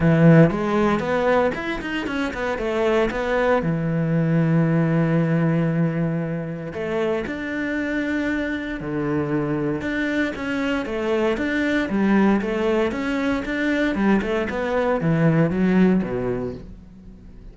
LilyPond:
\new Staff \with { instrumentName = "cello" } { \time 4/4 \tempo 4 = 116 e4 gis4 b4 e'8 dis'8 | cis'8 b8 a4 b4 e4~ | e1~ | e4 a4 d'2~ |
d'4 d2 d'4 | cis'4 a4 d'4 g4 | a4 cis'4 d'4 g8 a8 | b4 e4 fis4 b,4 | }